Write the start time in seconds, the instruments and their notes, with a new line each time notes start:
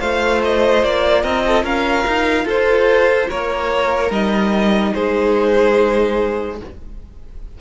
0.00 cello A3, viola F4, violin C5 F5
0.44 violin D#5
0.84 cello A#3, violin D5
1.22 cello C4, violin A#4 D#5
1.47 violin A4
1.64 cello C#4, violin A#4 F5
2.08 cello D#4
2.45 cello F4, violin A4 C5
3.30 cello A#3, violin A#4 C#5
4.10 cello G3, viola D#4, violin D#5
4.94 cello G#3, violin G#4 C5